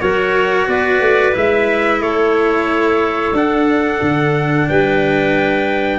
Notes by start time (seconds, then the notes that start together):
0.00 F#3 F#4 A#4 C#5
0.67 B3 B4 D5
1.00 A3
1.32 G#3 E4 E5
2.00 A3 A4 C#5
3.33 D4 F#5
4.02 D3
4.69 G3 B4 G5